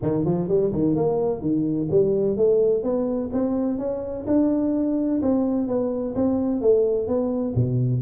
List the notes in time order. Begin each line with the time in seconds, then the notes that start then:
0.02 D#3
0.25 F3
0.48 G3
0.72 D#3
0.95 A#3
1.41 D#3
1.90 G3
2.36 A3
2.83 B3
3.32 C4
3.78 C#4
4.26 D4
5.22 C4
5.67 B3
6.15 C4
6.61 A3
7.07 B3
7.55 B2